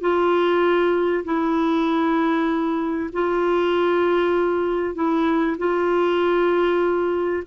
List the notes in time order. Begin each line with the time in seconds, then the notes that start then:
0.00 F4
1.25 E4
3.13 F4
4.95 E4
5.58 F4